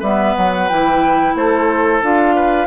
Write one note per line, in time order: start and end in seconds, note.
0.00 0.35 G3
0.00 0.70 B3
0.00 1.33 B4
0.00 0.36 E5
0.37 0.71 F#3
0.37 0.69 F#5
0.69 1.35 E3
0.69 2.02 E4
0.69 1.36 G5
1.35 2.02 A3
1.35 2.35 A4
1.35 2.03 C5
2.02 2.67 D4
2.02 2.67 F4
2.02 2.67 F5
2.35 2.67 B4